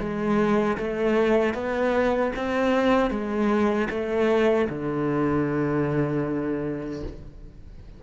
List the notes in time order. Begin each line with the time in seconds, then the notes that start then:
0.00 G#3
0.78 A3
1.54 B3
2.36 C4
3.11 G#3
3.90 A3
4.70 D3